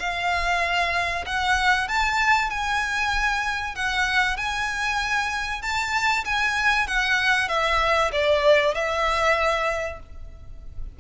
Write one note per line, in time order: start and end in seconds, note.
0.00 1.25 F5
1.26 1.88 F#5
1.88 2.51 A5
2.51 3.76 G#5
3.76 4.38 F#5
4.38 5.62 G#5
5.62 6.25 A5
6.25 6.88 G#5
6.88 7.49 F#5
7.49 8.12 E5
8.12 8.75 D5
8.75 10.00 E5